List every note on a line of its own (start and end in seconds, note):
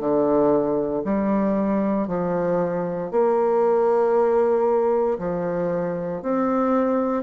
0.00 1.03 D3
1.04 2.08 G3
2.08 3.11 F3
3.11 5.18 A#3
5.19 6.23 F3
6.23 7.23 C4